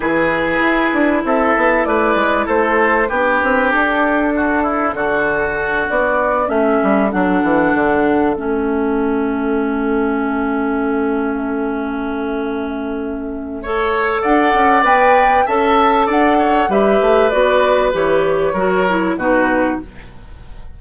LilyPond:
<<
  \new Staff \with { instrumentName = "flute" } { \time 4/4 \tempo 4 = 97 b'2 e''4 d''4 | c''4 b'4 a'2~ | a'4. d''4 e''4 fis''8~ | fis''4. e''2~ e''8~ |
e''1~ | e''2. fis''4 | g''4 a''4 fis''4 e''4 | d''4 cis''2 b'4 | }
  \new Staff \with { instrumentName = "oboe" } { \time 4/4 gis'2 a'4 b'4 | a'4 g'2 fis'8 e'8 | fis'2~ fis'8 a'4.~ | a'1~ |
a'1~ | a'2 cis''4 d''4~ | d''4 e''4 d''8 cis''8 b'4~ | b'2 ais'4 fis'4 | }
  \new Staff \with { instrumentName = "clarinet" } { \time 4/4 e'1~ | e'4 d'2.~ | d'2~ d'8 cis'4 d'8~ | d'4. cis'2~ cis'8~ |
cis'1~ | cis'2 a'2 | b'4 a'2 g'4 | fis'4 g'4 fis'8 e'8 dis'4 | }
  \new Staff \with { instrumentName = "bassoon" } { \time 4/4 e4 e'8 d'8 c'8 b8 a8 gis8 | a4 b8 c'8 d'2 | d4. b4 a8 g8 fis8 | e8 d4 a2~ a8~ |
a1~ | a2. d'8 cis'8 | b4 cis'4 d'4 g8 a8 | b4 e4 fis4 b,4 | }
>>